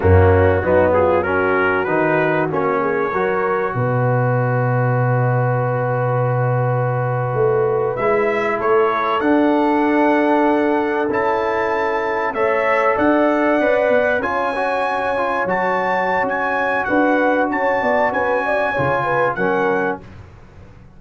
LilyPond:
<<
  \new Staff \with { instrumentName = "trumpet" } { \time 4/4 \tempo 4 = 96 fis'4. gis'8 ais'4 b'4 | cis''2 dis''2~ | dis''1~ | dis''8. e''4 cis''4 fis''4~ fis''16~ |
fis''4.~ fis''16 a''2 e''16~ | e''8. fis''2 gis''4~ gis''16~ | gis''8. a''4~ a''16 gis''4 fis''4 | a''4 gis''2 fis''4 | }
  \new Staff \with { instrumentName = "horn" } { \time 4/4 cis'4 dis'8 f'8 fis'2~ | fis'8 gis'8 ais'4 b'2~ | b'1~ | b'4.~ b'16 a'2~ a'16~ |
a'2.~ a'8. cis''16~ | cis''8. d''2 cis''4~ cis''16~ | cis''2. b'4 | cis''8 d''8 b'8 d''8 cis''8 b'8 ais'4 | }
  \new Staff \with { instrumentName = "trombone" } { \time 4/4 ais4 b4 cis'4 dis'4 | cis'4 fis'2.~ | fis'1~ | fis'8. e'2 d'4~ d'16~ |
d'4.~ d'16 e'2 a'16~ | a'4.~ a'16 b'4 f'8 fis'8.~ | fis'16 f'8 fis'2.~ fis'16~ | fis'2 f'4 cis'4 | }
  \new Staff \with { instrumentName = "tuba" } { \time 4/4 fis,4 fis2 dis4 | ais4 fis4 b,2~ | b,2.~ b,8. a16~ | a8. gis4 a4 d'4~ d'16~ |
d'4.~ d'16 cis'2 a16~ | a8. d'4 cis'8 b8 cis'4~ cis'16~ | cis'8. fis4~ fis16 cis'4 d'4 | cis'8 b8 cis'4 cis4 fis4 | }
>>